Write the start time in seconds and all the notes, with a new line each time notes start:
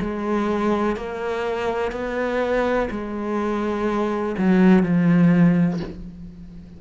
0.00 G#3
0.96 A#3
1.91 B3
2.90 G#3
4.37 F#3
4.83 F3